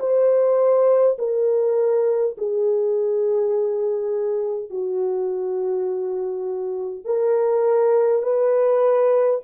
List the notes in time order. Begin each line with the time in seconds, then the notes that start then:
0.00 C5
1.19 A#4
2.38 G#4
4.70 F#4
7.05 A#4
8.22 B4